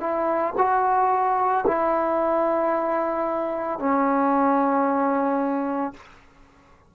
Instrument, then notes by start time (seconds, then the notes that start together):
trombone
0.00 E4
0.58 F#4
1.67 E4
3.79 C#4